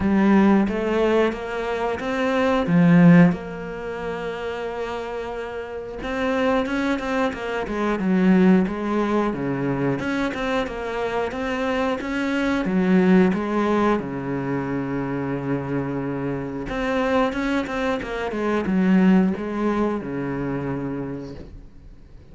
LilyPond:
\new Staff \with { instrumentName = "cello" } { \time 4/4 \tempo 4 = 90 g4 a4 ais4 c'4 | f4 ais2.~ | ais4 c'4 cis'8 c'8 ais8 gis8 | fis4 gis4 cis4 cis'8 c'8 |
ais4 c'4 cis'4 fis4 | gis4 cis2.~ | cis4 c'4 cis'8 c'8 ais8 gis8 | fis4 gis4 cis2 | }